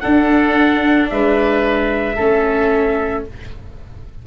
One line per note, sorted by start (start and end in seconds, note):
0.00 2.16 D4
0.00 1.11 D4
0.00 1.10 A4
0.00 1.07 F#5
1.10 2.18 G#3
1.10 2.16 B4
1.10 3.25 E5
2.16 3.27 A3
2.16 3.26 C#4
2.16 3.23 A4